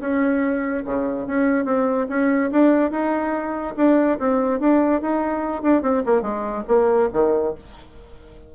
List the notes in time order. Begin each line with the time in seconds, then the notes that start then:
0.00 C#4
0.85 C#3
1.27 C#4
1.65 C4
2.09 C#4
2.51 D4
2.91 D#4
3.77 D4
4.19 C4
4.59 D4
5.01 D#4
5.62 D4
5.82 C4
6.05 A#3
6.22 G#3
6.67 A#3
7.13 D#3